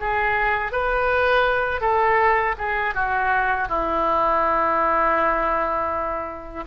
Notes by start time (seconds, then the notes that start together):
0.00 G#4
0.72 B4
1.81 A4
2.58 G#4
2.94 F#4
3.68 E4